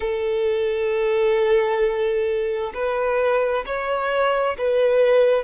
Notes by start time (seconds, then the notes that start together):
0.00 A4
2.74 B4
3.66 C#5
4.57 B4